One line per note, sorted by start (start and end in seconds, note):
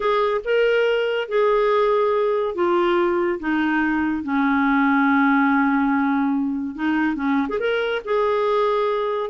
0.00 0.41 G#4
0.44 1.28 A#4
1.28 2.54 G#4
2.54 3.39 F4
3.39 4.23 D#4
4.23 6.75 C#4
6.75 7.15 D#4
7.15 7.47 C#4
7.48 7.59 G#4
7.59 8.01 A#4
8.05 9.30 G#4